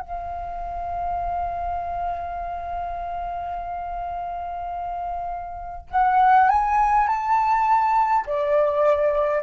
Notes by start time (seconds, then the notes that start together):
0.00 F5
5.90 F#5
6.49 G#5
7.08 A5
8.26 D5